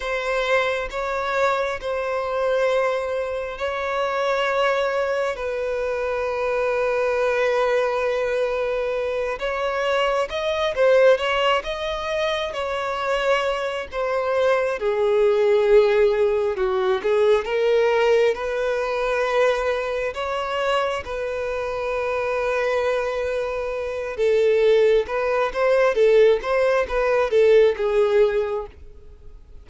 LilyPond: \new Staff \with { instrumentName = "violin" } { \time 4/4 \tempo 4 = 67 c''4 cis''4 c''2 | cis''2 b'2~ | b'2~ b'8 cis''4 dis''8 | c''8 cis''8 dis''4 cis''4. c''8~ |
c''8 gis'2 fis'8 gis'8 ais'8~ | ais'8 b'2 cis''4 b'8~ | b'2. a'4 | b'8 c''8 a'8 c''8 b'8 a'8 gis'4 | }